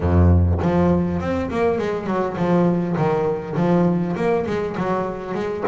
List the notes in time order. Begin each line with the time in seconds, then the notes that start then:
0.00 F2
0.62 F3
1.20 C4
1.50 A#3
1.78 G#3
2.06 F#3
2.37 F3
2.96 D#3
3.56 F3
4.16 A#3
4.46 G#3
4.77 F#3
5.34 G#3